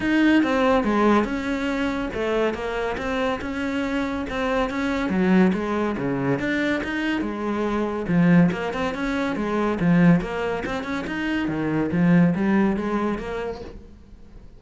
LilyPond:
\new Staff \with { instrumentName = "cello" } { \time 4/4 \tempo 4 = 141 dis'4 c'4 gis4 cis'4~ | cis'4 a4 ais4 c'4 | cis'2 c'4 cis'4 | fis4 gis4 cis4 d'4 |
dis'4 gis2 f4 | ais8 c'8 cis'4 gis4 f4 | ais4 c'8 cis'8 dis'4 dis4 | f4 g4 gis4 ais4 | }